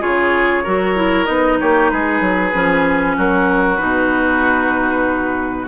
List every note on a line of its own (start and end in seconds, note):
0.00 0.66 C#3
0.00 0.64 F4
0.00 0.63 G#4
0.00 1.26 C#5
0.63 1.28 F#3
0.63 0.95 F#4
0.63 1.58 A#4
0.95 1.25 E4
1.25 1.59 B3
1.25 2.52 D#4
1.25 1.57 D#5
1.60 1.92 A#3
1.60 1.91 G4
1.60 1.89 C#5
1.89 2.20 G#3
1.89 3.16 G#4
1.89 3.16 B4
2.20 2.52 F#3
2.54 3.17 F3
2.54 3.77 C#4
3.16 3.80 F#3
3.16 5.67 F#4
3.16 3.76 A#4
3.76 5.67 B2
3.76 5.67 D#4
3.76 5.66 B4